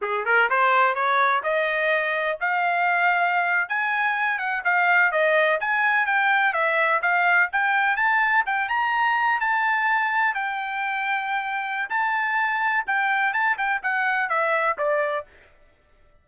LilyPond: \new Staff \with { instrumentName = "trumpet" } { \time 4/4 \tempo 4 = 126 gis'8 ais'8 c''4 cis''4 dis''4~ | dis''4 f''2~ f''8. gis''16~ | gis''4~ gis''16 fis''8 f''4 dis''4 gis''16~ | gis''8. g''4 e''4 f''4 g''16~ |
g''8. a''4 g''8 ais''4. a''16~ | a''4.~ a''16 g''2~ g''16~ | g''4 a''2 g''4 | a''8 g''8 fis''4 e''4 d''4 | }